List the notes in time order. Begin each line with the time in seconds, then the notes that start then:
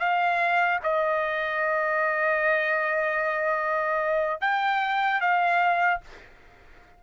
0.00 F5
0.83 D#5
4.41 G5
5.21 F5